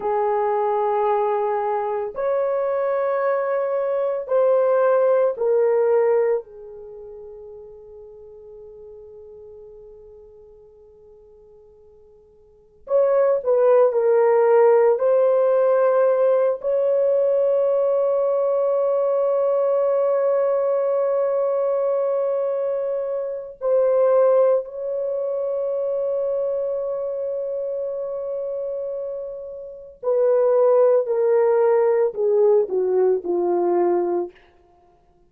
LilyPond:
\new Staff \with { instrumentName = "horn" } { \time 4/4 \tempo 4 = 56 gis'2 cis''2 | c''4 ais'4 gis'2~ | gis'1 | cis''8 b'8 ais'4 c''4. cis''8~ |
cis''1~ | cis''2 c''4 cis''4~ | cis''1 | b'4 ais'4 gis'8 fis'8 f'4 | }